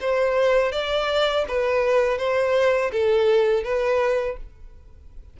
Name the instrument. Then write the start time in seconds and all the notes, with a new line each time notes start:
violin
0.00 C5
0.72 D5
1.48 B4
2.18 C5
2.92 A4
3.64 B4